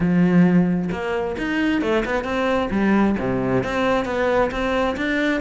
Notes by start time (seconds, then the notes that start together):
0.00 F3
0.91 A#3
1.38 D#4
1.81 A3
2.05 B3
2.24 C4
2.70 G3
3.19 C3
3.63 C4
4.05 B3
4.51 C4
4.96 D4